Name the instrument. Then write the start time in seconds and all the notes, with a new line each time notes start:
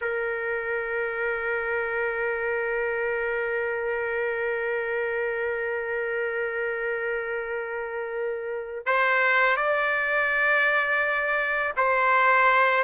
trumpet
0.01 A#4
8.86 C5
9.56 D5
11.76 C5